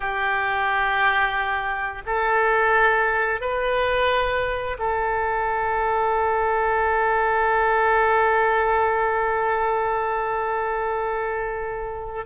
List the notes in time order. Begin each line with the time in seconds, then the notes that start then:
0.00 G4
2.06 A4
3.41 B4
4.79 A4